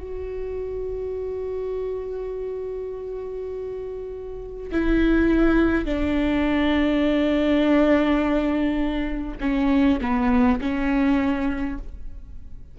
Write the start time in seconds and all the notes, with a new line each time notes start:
0.00 F#4
4.72 E4
5.86 D4
9.41 C#4
10.02 B3
10.61 C#4